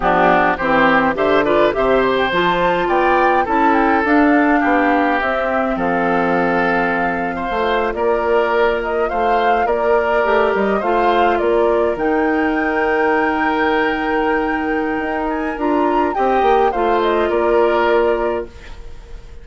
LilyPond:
<<
  \new Staff \with { instrumentName = "flute" } { \time 4/4 \tempo 4 = 104 g'4 c''4 e''8 d''8 e''8 c''16 g''16 | a''4 g''4 a''8 g''8 f''4~ | f''4 e''4 f''2~ | f''4.~ f''16 d''4. dis''8 f''16~ |
f''8. d''4. dis''8 f''4 d''16~ | d''8. g''2.~ g''16~ | g''2~ g''8 gis''8 ais''4 | g''4 f''8 dis''8 d''2 | }
  \new Staff \with { instrumentName = "oboe" } { \time 4/4 d'4 g'4 c''8 b'8 c''4~ | c''4 d''4 a'2 | g'2 a'2~ | a'8. c''4 ais'2 c''16~ |
c''8. ais'2 c''4 ais'16~ | ais'1~ | ais'1 | dis''4 c''4 ais'2 | }
  \new Staff \with { instrumentName = "clarinet" } { \time 4/4 b4 c'4 g'8 f'8 g'4 | f'2 e'4 d'4~ | d'4 c'2.~ | c'4 f'2.~ |
f'4.~ f'16 g'4 f'4~ f'16~ | f'8. dis'2.~ dis'16~ | dis'2. f'4 | g'4 f'2. | }
  \new Staff \with { instrumentName = "bassoon" } { \time 4/4 f4 e4 d4 c4 | f4 b4 cis'4 d'4 | b4 c'4 f2~ | f4 a8. ais2 a16~ |
a8. ais4 a8 g8 a4 ais16~ | ais8. dis2.~ dis16~ | dis2 dis'4 d'4 | c'8 ais8 a4 ais2 | }
>>